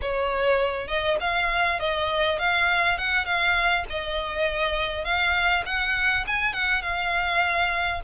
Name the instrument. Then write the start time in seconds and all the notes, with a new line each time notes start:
violin
0.01 C#5
0.87 D#5
1.20 F5
1.79 D#5
2.38 F5
2.97 F#5
3.25 F5
3.89 D#5
5.04 F5
5.65 F#5
6.27 G#5
6.53 F#5
6.82 F5